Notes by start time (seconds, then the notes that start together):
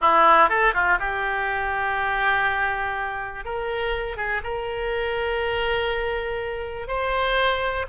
0.01 E4
0.49 A4
0.74 F4
0.99 G4
3.44 A#4
4.16 G#4
4.43 A#4
6.87 C5